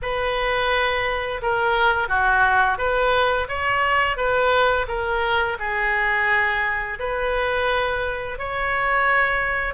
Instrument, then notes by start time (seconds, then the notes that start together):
oboe
0.02 B4
1.41 A#4
2.08 F#4
2.77 B4
3.48 C#5
4.16 B4
4.87 A#4
5.59 G#4
6.99 B4
8.38 C#5